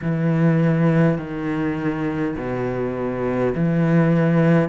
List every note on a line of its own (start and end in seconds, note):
0.02 1.18 E3
1.18 2.35 D#3
2.36 3.53 B2
3.55 4.68 E3